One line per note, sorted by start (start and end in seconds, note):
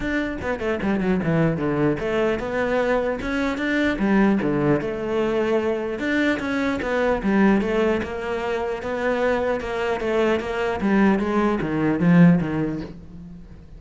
0.00 0.37 D4
0.41 0.59 B3
0.59 0.79 A3
0.82 1.00 G3
1.00 1.20 F#3
1.23 1.57 E3
1.57 1.97 D3
1.99 2.39 A3
2.39 3.19 B3
3.21 3.57 C#4
3.57 3.97 D4
3.98 4.38 G3
4.42 4.81 D3
4.81 5.99 A3
5.99 6.39 D4
6.39 6.79 C#4
6.81 7.21 B3
7.22 7.61 G3
7.61 8.01 A3
8.02 8.82 A#3
8.82 9.60 B3
9.60 10.00 A#3
10.00 10.40 A3
10.40 10.80 A#3
10.81 11.19 G3
11.19 11.59 G#3
11.61 11.99 D#3
11.99 12.39 F3
12.40 12.80 D#3